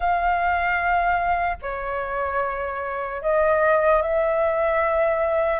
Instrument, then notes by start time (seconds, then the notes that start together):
flute
0.00 F5
1.62 C#5
3.22 D#5
4.01 E5